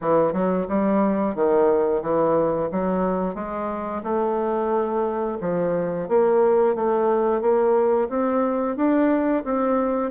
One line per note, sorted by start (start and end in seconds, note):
0.01 0.32 E3
0.32 0.66 F#3
0.68 1.35 G3
1.35 2.01 D#3
2.01 2.69 E3
2.71 3.35 F#3
3.35 4.02 G#3
4.03 5.38 A3
5.41 6.08 F3
6.08 6.75 A#3
6.75 7.41 A3
7.41 8.08 A#3
8.09 8.76 C4
8.76 9.43 D4
9.44 10.11 C4